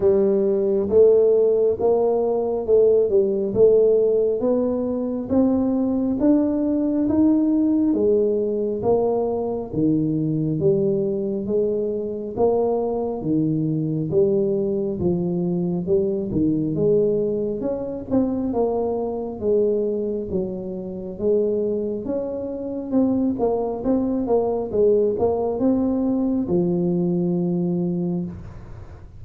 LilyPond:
\new Staff \with { instrumentName = "tuba" } { \time 4/4 \tempo 4 = 68 g4 a4 ais4 a8 g8 | a4 b4 c'4 d'4 | dis'4 gis4 ais4 dis4 | g4 gis4 ais4 dis4 |
g4 f4 g8 dis8 gis4 | cis'8 c'8 ais4 gis4 fis4 | gis4 cis'4 c'8 ais8 c'8 ais8 | gis8 ais8 c'4 f2 | }